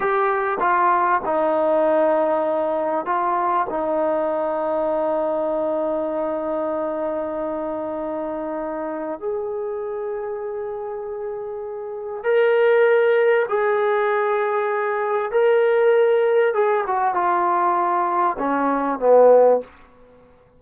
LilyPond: \new Staff \with { instrumentName = "trombone" } { \time 4/4 \tempo 4 = 98 g'4 f'4 dis'2~ | dis'4 f'4 dis'2~ | dis'1~ | dis'2. gis'4~ |
gis'1 | ais'2 gis'2~ | gis'4 ais'2 gis'8 fis'8 | f'2 cis'4 b4 | }